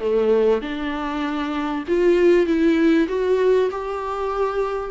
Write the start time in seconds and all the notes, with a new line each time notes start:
0.00 A3
0.62 D4
1.88 F4
2.46 E4
3.08 F#4
3.71 G4